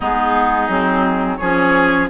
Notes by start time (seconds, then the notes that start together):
0.00 G#3 B3 D#4 G#4
0.68 F#3 C4
1.36 F3 C#4 G#4 C#5